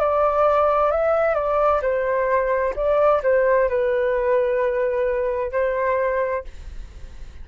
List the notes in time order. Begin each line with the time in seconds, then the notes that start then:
0.00 D5
0.91 E5
1.35 D5
1.83 C5
2.77 D5
3.23 C5
3.69 B4
5.52 C5